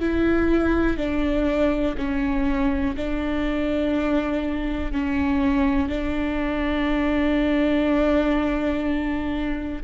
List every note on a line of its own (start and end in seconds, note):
0.00 0.97 E4
0.97 1.95 D4
1.97 2.95 C#4
2.96 4.92 D4
4.92 5.88 C#4
5.88 9.82 D4